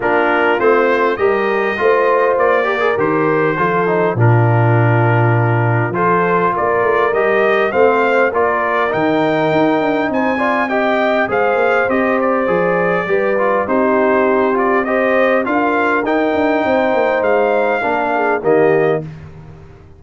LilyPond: <<
  \new Staff \with { instrumentName = "trumpet" } { \time 4/4 \tempo 4 = 101 ais'4 c''4 dis''2 | d''4 c''2 ais'4~ | ais'2 c''4 d''4 | dis''4 f''4 d''4 g''4~ |
g''4 gis''4 g''4 f''4 | dis''8 d''2~ d''8 c''4~ | c''8 d''8 dis''4 f''4 g''4~ | g''4 f''2 dis''4 | }
  \new Staff \with { instrumentName = "horn" } { \time 4/4 f'2 ais'4 c''4~ | c''8 ais'4. a'4 f'4~ | f'2 a'4 ais'4~ | ais'4 c''4 ais'2~ |
ais'4 c''8 d''8 dis''4 c''4~ | c''2 b'4 g'4~ | g'4 c''4 ais'2 | c''2 ais'8 gis'8 g'4 | }
  \new Staff \with { instrumentName = "trombone" } { \time 4/4 d'4 c'4 g'4 f'4~ | f'8 g'16 gis'16 g'4 f'8 dis'8 d'4~ | d'2 f'2 | g'4 c'4 f'4 dis'4~ |
dis'4. f'8 g'4 gis'4 | g'4 gis'4 g'8 f'8 dis'4~ | dis'8 f'8 g'4 f'4 dis'4~ | dis'2 d'4 ais4 | }
  \new Staff \with { instrumentName = "tuba" } { \time 4/4 ais4 a4 g4 a4 | ais4 dis4 f4 ais,4~ | ais,2 f4 ais8 a8 | g4 a4 ais4 dis4 |
dis'8 d'8 c'2 gis8 ais8 | c'4 f4 g4 c'4~ | c'2 d'4 dis'8 d'8 | c'8 ais8 gis4 ais4 dis4 | }
>>